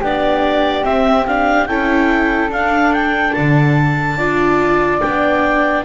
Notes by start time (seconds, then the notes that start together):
0.00 B3 D4 G4 D5
0.83 C4 E5
1.26 D4 F5
1.66 C#4 E4 A4 G5
2.49 D4 F5
2.93 G5
3.32 D3 A5
4.16 D4 F4 D5
5.00 B3 D4 G5